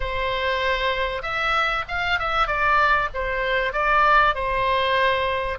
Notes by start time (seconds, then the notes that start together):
0.00 C5
1.22 E5
1.88 F5
2.19 E5
2.47 D5
3.14 C5
3.73 D5
4.34 C5